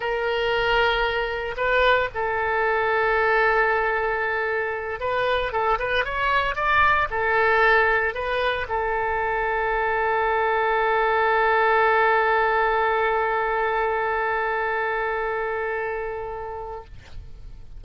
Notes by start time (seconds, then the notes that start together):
0.00 A#4
1.56 B4
2.14 A4
5.00 B4
5.52 A4
5.78 B4
6.04 C#5
6.55 D5
7.10 A4
8.14 B4
8.68 A4